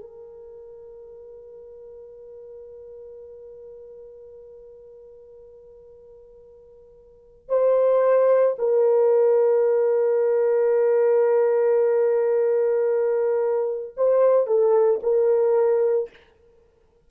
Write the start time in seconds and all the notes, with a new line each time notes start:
0.00 A#4
7.49 C5
8.58 A#4
13.97 C5
14.46 A4
15.02 A#4